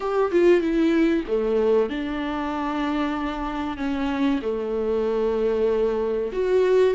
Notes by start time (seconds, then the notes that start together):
0.00 G4
0.31 F4
0.60 E4
1.27 A3
1.89 D4
3.77 C#4
4.42 A3
6.32 F#4